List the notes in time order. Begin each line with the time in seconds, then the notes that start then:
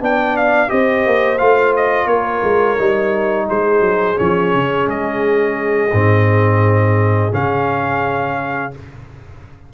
0.00 B3 D4 D5 G5
0.37 F5
0.68 C4 G4 C5 D#5
1.06 A#3
1.39 A3 F4 F5
1.77 D#5
2.06 A#3 A#4 C#5
2.43 G#3
2.78 G3 D#4
3.48 G#3 G#4 C5
3.81 F#3
4.17 F3 C#4 C#5
4.54 C#3
4.87 G#3 D#5
5.93 G#2 C4
7.32 C#3 C#4 F5